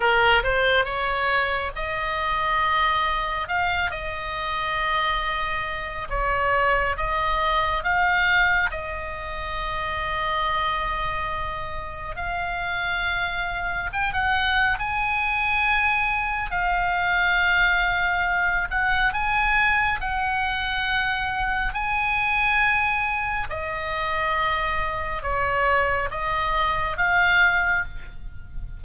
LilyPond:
\new Staff \with { instrumentName = "oboe" } { \time 4/4 \tempo 4 = 69 ais'8 c''8 cis''4 dis''2 | f''8 dis''2~ dis''8 cis''4 | dis''4 f''4 dis''2~ | dis''2 f''2 |
g''16 fis''8. gis''2 f''4~ | f''4. fis''8 gis''4 fis''4~ | fis''4 gis''2 dis''4~ | dis''4 cis''4 dis''4 f''4 | }